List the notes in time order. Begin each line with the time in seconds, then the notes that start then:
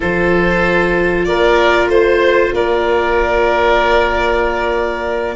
0.00 F3 F4 A4 C5
1.24 A#3 A#4 D5
1.87 A3 C5
2.52 A#3 A#4 D5